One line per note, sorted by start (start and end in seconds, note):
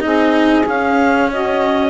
0.00 0.67 C4
0.00 0.63 D#4
0.00 1.30 G#4
0.00 0.64 D#5
0.66 1.90 C#4
0.66 1.31 F5
1.30 1.90 F#4
1.30 1.90 D#5